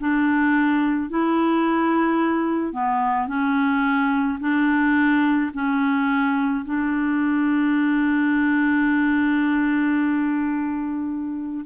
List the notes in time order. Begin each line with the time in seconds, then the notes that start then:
0.00 D4
1.10 E4
2.73 B3
3.28 C#4
4.40 D4
5.54 C#4
6.66 D4